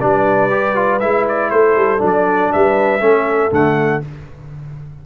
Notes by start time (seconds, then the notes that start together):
0.00 G3 D4 B4 D5
0.50 G4
0.76 F4
1.00 G#3 E4 E5
1.28 D5
1.51 A3 A4 C5
1.76 G3
1.98 F#3 D4
2.07 D5
2.53 G3 B4 E5
3.00 A3 C#4 A4
3.51 D3 A3 F#5